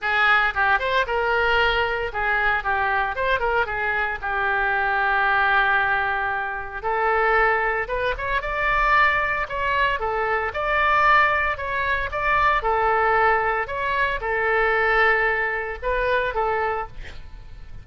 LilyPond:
\new Staff \with { instrumentName = "oboe" } { \time 4/4 \tempo 4 = 114 gis'4 g'8 c''8 ais'2 | gis'4 g'4 c''8 ais'8 gis'4 | g'1~ | g'4 a'2 b'8 cis''8 |
d''2 cis''4 a'4 | d''2 cis''4 d''4 | a'2 cis''4 a'4~ | a'2 b'4 a'4 | }